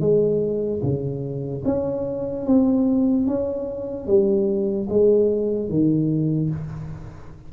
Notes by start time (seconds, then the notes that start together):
0.00 G#3
0.82 C#3
1.65 C#4
2.46 C4
3.27 C#4
4.07 G3
4.89 G#3
5.69 D#3